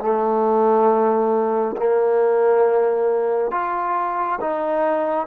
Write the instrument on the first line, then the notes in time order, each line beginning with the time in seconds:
trombone
0.00 A3
1.77 A#3
3.52 F4
4.41 D#4